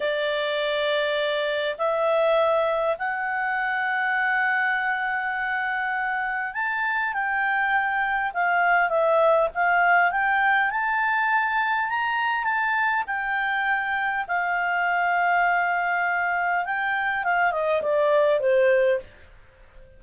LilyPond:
\new Staff \with { instrumentName = "clarinet" } { \time 4/4 \tempo 4 = 101 d''2. e''4~ | e''4 fis''2.~ | fis''2. a''4 | g''2 f''4 e''4 |
f''4 g''4 a''2 | ais''4 a''4 g''2 | f''1 | g''4 f''8 dis''8 d''4 c''4 | }